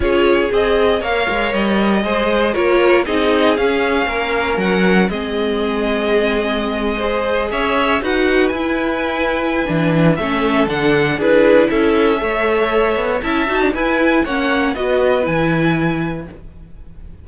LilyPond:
<<
  \new Staff \with { instrumentName = "violin" } { \time 4/4 \tempo 4 = 118 cis''4 dis''4 f''4 dis''4~ | dis''4 cis''4 dis''4 f''4~ | f''4 fis''4 dis''2~ | dis''2~ dis''8. e''4 fis''16~ |
fis''8. gis''2.~ gis''16 | e''4 fis''4 b'4 e''4~ | e''2 a''4 gis''4 | fis''4 dis''4 gis''2 | }
  \new Staff \with { instrumentName = "violin" } { \time 4/4 gis'2 cis''2 | c''4 ais'4 gis'2 | ais'2 gis'2~ | gis'4.~ gis'16 c''4 cis''4 b'16~ |
b'1 | a'2 gis'4 a'4 | cis''2 e''8. d'16 b'4 | cis''4 b'2. | }
  \new Staff \with { instrumentName = "viola" } { \time 4/4 f'4 gis'4 ais'2 | gis'4 f'4 dis'4 cis'4~ | cis'2 c'2~ | c'4.~ c'16 gis'2 fis'16~ |
fis'8. e'2~ e'16 d'4 | cis'4 d'4 e'2 | a'2 e'8 fis'8 e'4 | cis'4 fis'4 e'2 | }
  \new Staff \with { instrumentName = "cello" } { \time 4/4 cis'4 c'4 ais8 gis8 g4 | gis4 ais4 c'4 cis'4 | ais4 fis4 gis2~ | gis2~ gis8. cis'4 dis'16~ |
dis'8. e'2~ e'16 e4 | a4 d4 d'4 cis'4 | a4. b8 cis'8 dis'8 e'4 | ais4 b4 e2 | }
>>